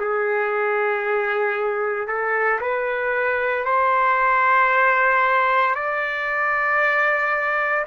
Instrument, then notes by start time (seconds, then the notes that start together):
trumpet
0.00 G#4
2.08 A4
2.61 B4
3.66 C5
5.75 D5